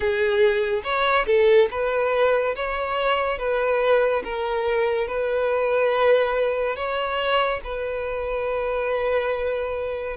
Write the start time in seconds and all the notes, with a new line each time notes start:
0.00 G#4
0.83 C#5
1.26 A4
1.71 B4
2.55 C#5
3.38 B4
4.24 A#4
5.07 B4
6.76 C#5
7.64 B4